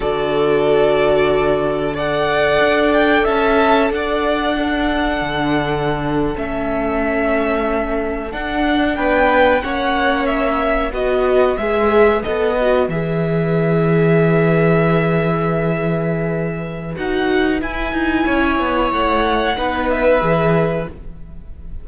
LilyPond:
<<
  \new Staff \with { instrumentName = "violin" } { \time 4/4 \tempo 4 = 92 d''2. fis''4~ | fis''8 g''8 a''4 fis''2~ | fis''4.~ fis''16 e''2~ e''16~ | e''8. fis''4 g''4 fis''4 e''16~ |
e''8. dis''4 e''4 dis''4 e''16~ | e''1~ | e''2 fis''4 gis''4~ | gis''4 fis''4. e''4. | }
  \new Staff \with { instrumentName = "violin" } { \time 4/4 a'2. d''4~ | d''4 e''4 d''4 a'4~ | a'1~ | a'4.~ a'16 b'4 cis''4~ cis''16~ |
cis''8. b'2.~ b'16~ | b'1~ | b'1 | cis''2 b'2 | }
  \new Staff \with { instrumentName = "viola" } { \time 4/4 fis'2. a'4~ | a'2. d'4~ | d'4.~ d'16 cis'2~ cis'16~ | cis'8. d'2 cis'4~ cis'16~ |
cis'8. fis'4 gis'4 a'8 fis'8 gis'16~ | gis'1~ | gis'2 fis'4 e'4~ | e'2 dis'4 gis'4 | }
  \new Staff \with { instrumentName = "cello" } { \time 4/4 d1 | d'4 cis'4 d'2 | d4.~ d16 a2~ a16~ | a8. d'4 b4 ais4~ ais16~ |
ais8. b4 gis4 b4 e16~ | e1~ | e2 dis'4 e'8 dis'8 | cis'8 b8 a4 b4 e4 | }
>>